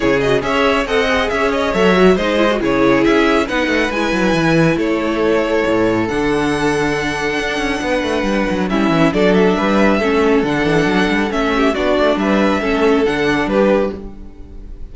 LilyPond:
<<
  \new Staff \with { instrumentName = "violin" } { \time 4/4 \tempo 4 = 138 cis''8 dis''8 e''4 fis''4 e''8 dis''8 | e''4 dis''4 cis''4 e''4 | fis''4 gis''2 cis''4~ | cis''2 fis''2~ |
fis''1 | e''4 d''8 e''2~ e''8 | fis''2 e''4 d''4 | e''2 fis''4 b'4 | }
  \new Staff \with { instrumentName = "violin" } { \time 4/4 gis'4 cis''4 dis''4 cis''4~ | cis''4 c''4 gis'2 | b'2. a'4~ | a'1~ |
a'2 b'2 | e'4 a'4 b'4 a'4~ | a'2~ a'8 g'8 fis'4 | b'4 a'2 g'4 | }
  \new Staff \with { instrumentName = "viola" } { \time 4/4 e'8 fis'8 gis'4 a'8 gis'4. | a'8 fis'8 dis'8 e'16 fis'16 e'2 | dis'4 e'2.~ | e'2 d'2~ |
d'1 | cis'4 d'2 cis'4 | d'2 cis'4 d'4~ | d'4 cis'4 d'2 | }
  \new Staff \with { instrumentName = "cello" } { \time 4/4 cis4 cis'4 c'4 cis'4 | fis4 gis4 cis4 cis'4 | b8 a8 gis8 fis8 e4 a4~ | a4 a,4 d2~ |
d4 d'8 cis'8 b8 a8 g8 fis8 | g8 e8 fis4 g4 a4 | d8 e8 fis8 g8 a4 b8 a8 | g4 a4 d4 g4 | }
>>